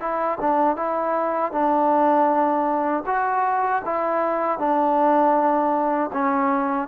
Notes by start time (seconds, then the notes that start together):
0.00 E4
0.40 D4
0.76 E4
1.52 D4
3.06 F#4
3.85 E4
4.58 D4
6.13 C#4